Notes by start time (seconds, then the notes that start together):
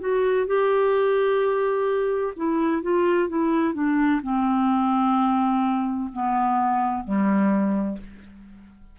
0.00 F#4
0.47 G4
2.37 E4
2.83 F4
3.29 E4
3.74 D4
4.23 C4
6.13 B3
7.04 G3